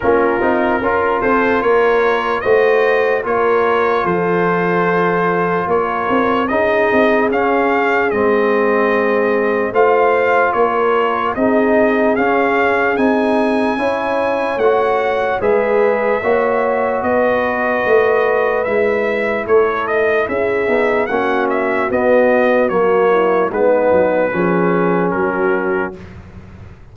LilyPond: <<
  \new Staff \with { instrumentName = "trumpet" } { \time 4/4 \tempo 4 = 74 ais'4. c''8 cis''4 dis''4 | cis''4 c''2 cis''4 | dis''4 f''4 dis''2 | f''4 cis''4 dis''4 f''4 |
gis''2 fis''4 e''4~ | e''4 dis''2 e''4 | cis''8 dis''8 e''4 fis''8 e''8 dis''4 | cis''4 b'2 ais'4 | }
  \new Staff \with { instrumentName = "horn" } { \time 4/4 f'4 ais'8 a'8 ais'4 c''4 | ais'4 a'2 ais'4 | gis'1 | c''4 ais'4 gis'2~ |
gis'4 cis''2 b'4 | cis''4 b'2. | a'4 gis'4 fis'2~ | fis'8 e'8 dis'4 gis'4 fis'4 | }
  \new Staff \with { instrumentName = "trombone" } { \time 4/4 cis'8 dis'8 f'2 fis'4 | f'1 | dis'4 cis'4 c'2 | f'2 dis'4 cis'4 |
dis'4 e'4 fis'4 gis'4 | fis'2. e'4~ | e'4. dis'8 cis'4 b4 | ais4 b4 cis'2 | }
  \new Staff \with { instrumentName = "tuba" } { \time 4/4 ais8 c'8 cis'8 c'8 ais4 a4 | ais4 f2 ais8 c'8 | cis'8 c'8 cis'4 gis2 | a4 ais4 c'4 cis'4 |
c'4 cis'4 a4 gis4 | ais4 b4 a4 gis4 | a4 cis'8 b8 ais4 b4 | fis4 gis8 fis8 f4 fis4 | }
>>